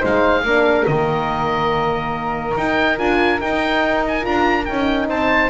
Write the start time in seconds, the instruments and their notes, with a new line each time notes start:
0.00 double bass G#3, horn D#4, flute C5, oboe F5
0.43 double bass A#3, horn D4, flute A#4
0.86 double bass D#3, horn A#3, oboe D#5
2.57 double bass D#4, horn D#4, oboe G5
2.98 double bass D4, horn F4, oboe G#5
3.39 horn D#4, double bass D#4, oboe G5
4.08 oboe G#5
4.22 double bass D4, horn F4, oboe A#5
4.65 double bass C#4, horn D#4, oboe G5
5.09 double bass C4, flute C5, oboe A5